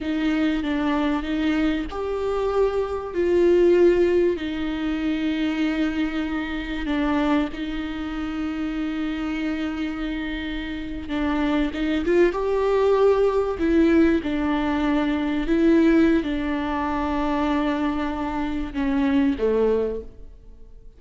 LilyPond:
\new Staff \with { instrumentName = "viola" } { \time 4/4 \tempo 4 = 96 dis'4 d'4 dis'4 g'4~ | g'4 f'2 dis'4~ | dis'2. d'4 | dis'1~ |
dis'4.~ dis'16 d'4 dis'8 f'8 g'16~ | g'4.~ g'16 e'4 d'4~ d'16~ | d'8. e'4~ e'16 d'2~ | d'2 cis'4 a4 | }